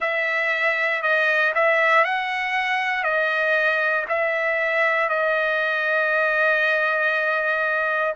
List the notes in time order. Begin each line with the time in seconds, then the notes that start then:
0.00 E5
1.02 D#5
1.54 E5
2.04 F#5
3.03 D#5
4.09 E5
5.08 D#5